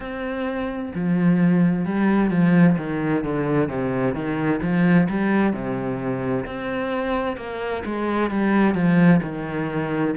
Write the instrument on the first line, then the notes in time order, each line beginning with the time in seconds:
cello
0.00 C4
0.94 F3
1.85 G3
2.30 F3
2.77 D#3
3.23 D3
3.68 C3
4.14 D#3
4.62 F3
5.09 G3
5.53 C3
6.45 C4
7.36 A#3
7.85 G#3
8.30 G3
8.74 F3
9.22 D#3